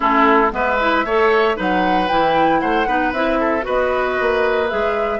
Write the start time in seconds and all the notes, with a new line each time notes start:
0.00 A3 C#4 E4 A4
0.51 G#3 B3 B4 E5
0.80 E4
1.04 A3 A4 C#5
1.55 F#3 D#4 B4 F#5
2.08 E3 E4 G5
2.60 A3 C5 F#5
2.86 B3 D#4 B4
3.12 C4 E4 E5
3.40 A4
3.61 B3 F#4 B4 D#5
4.20 A#3
4.68 G#3 G#4 E5